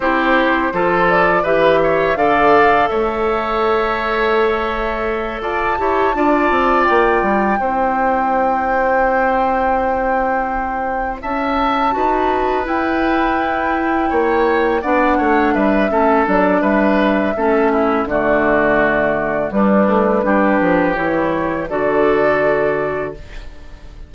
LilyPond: <<
  \new Staff \with { instrumentName = "flute" } { \time 4/4 \tempo 4 = 83 c''4. d''8 e''4 f''4 | e''2.~ e''8 a''8~ | a''4. g''2~ g''8~ | g''2.~ g''8 a''8~ |
a''4. g''2~ g''8~ | g''8 fis''4 e''4 d''8 e''4~ | e''4 d''2 b'4~ | b'4 cis''4 d''2 | }
  \new Staff \with { instrumentName = "oboe" } { \time 4/4 g'4 a'4 b'8 cis''8 d''4 | cis''2.~ cis''8 d''8 | cis''8 d''2 c''4.~ | c''2.~ c''8 e''8~ |
e''8 b'2. cis''8~ | cis''8 d''8 cis''8 b'8 a'4 b'4 | a'8 e'8 fis'2 d'4 | g'2 a'2 | }
  \new Staff \with { instrumentName = "clarinet" } { \time 4/4 e'4 f'4 g'4 a'4~ | a'1 | g'8 f'2 e'4.~ | e'1~ |
e'8 fis'4 e'2~ e'8~ | e'8 d'4. cis'8 d'4. | cis'4 a2 g4 | d'4 e'4 fis'2 | }
  \new Staff \with { instrumentName = "bassoon" } { \time 4/4 c'4 f4 e4 d4 | a2.~ a8 f'8 | e'8 d'8 c'8 ais8 g8 c'4.~ | c'2.~ c'8 cis'8~ |
cis'8 dis'4 e'2 ais8~ | ais8 b8 a8 g8 a8 fis8 g4 | a4 d2 g8 a8 | g8 f8 e4 d2 | }
>>